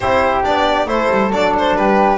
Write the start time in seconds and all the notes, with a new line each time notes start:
0.00 C4 E4 G4 C5
0.43 B3 D4 D5
0.86 A3 E4 A4 C5
1.10 G3
1.32 F#3 D4 D5
1.58 C5
1.75 G3 G4 B4